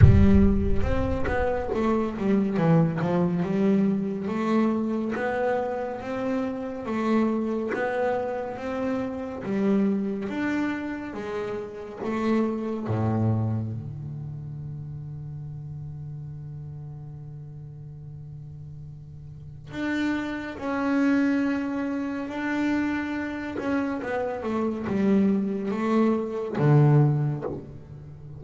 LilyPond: \new Staff \with { instrumentName = "double bass" } { \time 4/4 \tempo 4 = 70 g4 c'8 b8 a8 g8 e8 f8 | g4 a4 b4 c'4 | a4 b4 c'4 g4 | d'4 gis4 a4 a,4 |
d1~ | d2. d'4 | cis'2 d'4. cis'8 | b8 a8 g4 a4 d4 | }